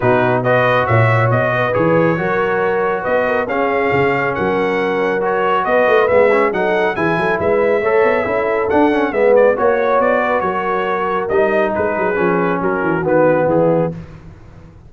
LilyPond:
<<
  \new Staff \with { instrumentName = "trumpet" } { \time 4/4 \tempo 4 = 138 b'4 dis''4 e''4 dis''4 | cis''2. dis''4 | f''2 fis''2 | cis''4 dis''4 e''4 fis''4 |
gis''4 e''2. | fis''4 e''8 d''8 cis''4 d''4 | cis''2 dis''4 b'4~ | b'4 ais'4 b'4 gis'4 | }
  \new Staff \with { instrumentName = "horn" } { \time 4/4 fis'4 b'4 cis''4. b'8~ | b'4 ais'2 b'8 ais'8 | gis'2 ais'2~ | ais'4 b'2 a'4 |
gis'8 a'8 b'4 cis''4 a'4~ | a'4 b'4 cis''4. b'8 | ais'2. gis'4~ | gis'4 fis'2 e'4 | }
  \new Staff \with { instrumentName = "trombone" } { \time 4/4 dis'4 fis'2. | gis'4 fis'2. | cis'1 | fis'2 b8 cis'8 dis'4 |
e'2 a'4 e'4 | d'8 cis'8 b4 fis'2~ | fis'2 dis'2 | cis'2 b2 | }
  \new Staff \with { instrumentName = "tuba" } { \time 4/4 b,2 ais,4 b,4 | e4 fis2 b4 | cis'4 cis4 fis2~ | fis4 b8 a8 gis4 fis4 |
e8 fis8 gis4 a8 b8 cis'4 | d'4 gis4 ais4 b4 | fis2 g4 gis8 fis8 | f4 fis8 e8 dis4 e4 | }
>>